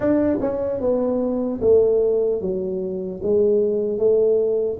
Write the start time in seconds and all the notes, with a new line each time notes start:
0.00 D4
0.40 C#4
0.80 B3
1.61 A3
2.41 F#3
3.22 G#3
3.98 A3